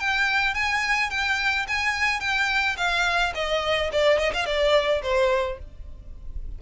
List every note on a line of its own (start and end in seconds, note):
0.00 0.55 G5
0.55 1.10 G#5
1.10 1.66 G5
1.68 2.20 G#5
2.20 2.76 G5
2.77 3.33 F5
3.35 3.91 D#5
3.92 4.19 D5
4.19 4.33 D#5
4.34 4.46 F5
4.46 5.02 D5
5.03 5.59 C5